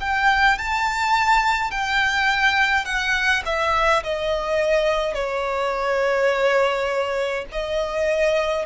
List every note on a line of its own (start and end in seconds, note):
0.00 0.58 G5
0.58 1.71 A5
1.71 2.85 G5
2.85 3.42 F#5
3.45 4.03 E5
4.03 5.14 D#5
5.14 7.45 C#5
7.52 8.65 D#5